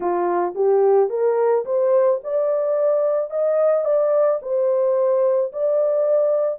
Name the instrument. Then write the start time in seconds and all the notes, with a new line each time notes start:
horn
0.00 F4
0.54 G4
1.09 A#4
1.65 C5
2.23 D5
3.30 D#5
3.85 D5
4.42 C5
5.52 D5